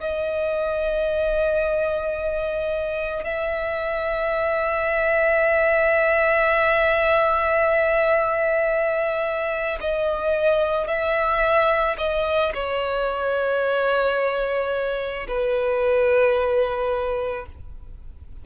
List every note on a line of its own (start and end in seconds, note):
0.00 3.24 D#5
3.24 9.78 E5
9.80 10.87 D#5
10.87 11.96 E5
11.98 12.52 D#5
12.54 15.26 C#5
15.27 17.45 B4